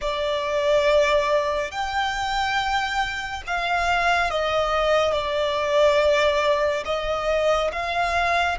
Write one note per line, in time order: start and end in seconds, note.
0.01 1.71 D5
1.71 3.42 G5
3.46 4.30 F5
4.30 5.12 D#5
5.12 6.83 D5
6.85 7.70 D#5
7.72 8.58 F5